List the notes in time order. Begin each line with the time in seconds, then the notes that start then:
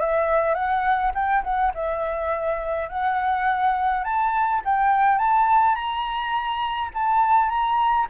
0.00 E5
0.54 F#5
1.14 G5
1.44 F#5
1.75 E5
2.89 F#5
4.04 A5
4.65 G5
5.18 A5
5.75 A#5
6.94 A5
7.49 A#5